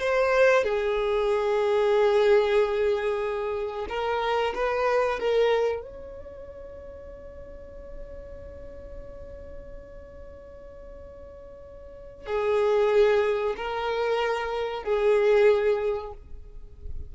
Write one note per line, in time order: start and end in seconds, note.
0.00 0.64 C5
0.64 3.87 G#4
3.90 4.54 A#4
4.55 5.20 B4
5.20 5.82 A#4
5.82 12.26 C#5
12.26 13.55 G#4
13.57 14.84 A#4
14.84 16.13 G#4